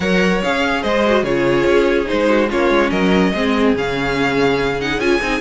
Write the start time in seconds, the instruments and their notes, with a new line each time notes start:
0.00 cello F#3, viola A#4, violin C#5 F#5
0.42 cello C#4, viola G#4, violin F5
0.82 cello G#3, violin C5 D#5
1.06 viola F#4
1.23 cello C#3, viola F4, violin G#4 C#5
1.65 cello C#4
2.05 viola D#4, violin C5
2.12 cello G#3
2.28 violin F#4
2.49 cello A#3, viola C#4, violin F4 C#5
2.69 cello G#3
2.90 cello F#3, violin A#4 D#5
3.33 cello G#3, viola C4, violin G#4
3.75 cello C#3, viola C#4, violin F5
4.80 viola D#4, violin F#5
4.99 cello C#4, viola F4, violin G#5
5.21 cello C4, viola D#4